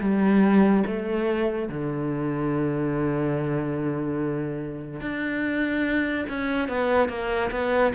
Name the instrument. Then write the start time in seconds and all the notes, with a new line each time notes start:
cello
0.00 G3
0.86 A3
1.69 D3
5.00 D4
6.28 C#4
6.68 B3
7.09 A#3
7.51 B3